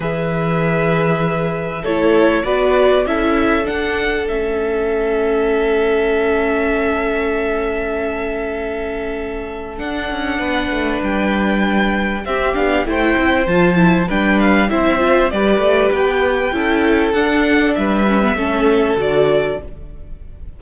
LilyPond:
<<
  \new Staff \with { instrumentName = "violin" } { \time 4/4 \tempo 4 = 98 e''2. cis''4 | d''4 e''4 fis''4 e''4~ | e''1~ | e''1 |
fis''2 g''2 | e''8 f''8 g''4 a''4 g''8 f''8 | e''4 d''4 g''2 | fis''4 e''2 d''4 | }
  \new Staff \with { instrumentName = "violin" } { \time 4/4 b'2. a'4 | b'4 a'2.~ | a'1~ | a'1~ |
a'4 b'2. | g'4 c''2 b'4 | c''4 b'2 a'4~ | a'4 b'4 a'2 | }
  \new Staff \with { instrumentName = "viola" } { \time 4/4 gis'2. e'4 | fis'4 e'4 d'4 cis'4~ | cis'1~ | cis'1 |
d'1 | c'8 d'8 e'4 f'8 e'8 d'4 | e'8 f'8 g'2 e'4 | d'4. cis'16 b16 cis'4 fis'4 | }
  \new Staff \with { instrumentName = "cello" } { \time 4/4 e2. a4 | b4 cis'4 d'4 a4~ | a1~ | a1 |
d'8 cis'8 b8 a8 g2 | c'8 b8 a8 c'8 f4 g4 | c'4 g8 a8 b4 cis'4 | d'4 g4 a4 d4 | }
>>